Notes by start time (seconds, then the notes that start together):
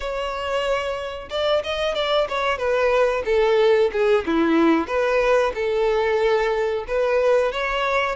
0.00 C#5
1.30 D5
1.63 D#5
1.94 D5
2.29 C#5
2.58 B4
3.25 A4
3.92 G#4
4.26 E4
4.87 B4
5.54 A4
6.87 B4
7.52 C#5